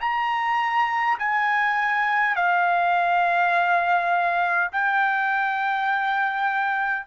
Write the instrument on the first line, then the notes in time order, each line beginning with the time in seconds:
trumpet
0.00 A#5
1.19 G#5
2.35 F5
4.72 G5